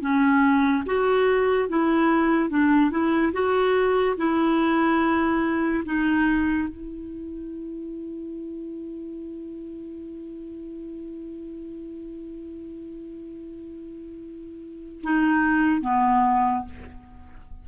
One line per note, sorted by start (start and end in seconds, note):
0.00 0.83 C#4
0.86 1.69 F#4
1.69 2.49 E4
2.49 2.91 D4
2.91 3.32 E4
3.32 4.16 F#4
4.17 5.83 E4
5.85 6.68 D#4
6.68 15.01 E4
15.02 15.81 D#4
15.81 16.64 B3